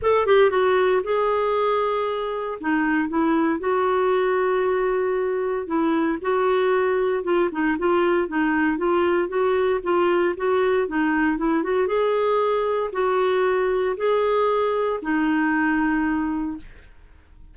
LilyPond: \new Staff \with { instrumentName = "clarinet" } { \time 4/4 \tempo 4 = 116 a'8 g'8 fis'4 gis'2~ | gis'4 dis'4 e'4 fis'4~ | fis'2. e'4 | fis'2 f'8 dis'8 f'4 |
dis'4 f'4 fis'4 f'4 | fis'4 dis'4 e'8 fis'8 gis'4~ | gis'4 fis'2 gis'4~ | gis'4 dis'2. | }